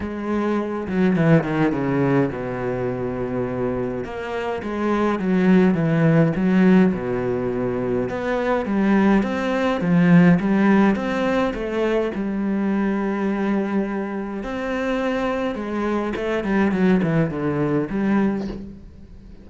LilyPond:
\new Staff \with { instrumentName = "cello" } { \time 4/4 \tempo 4 = 104 gis4. fis8 e8 dis8 cis4 | b,2. ais4 | gis4 fis4 e4 fis4 | b,2 b4 g4 |
c'4 f4 g4 c'4 | a4 g2.~ | g4 c'2 gis4 | a8 g8 fis8 e8 d4 g4 | }